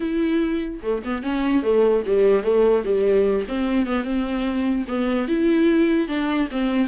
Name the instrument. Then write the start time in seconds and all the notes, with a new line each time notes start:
viola
0.00 E4
0.82 A3
1.04 B3
1.23 C#4
1.62 A3
2.05 G3
2.43 A3
2.84 G3
3.48 C4
3.86 B3
4.04 C4
4.88 B3
5.27 E4
6.08 D4
6.51 C4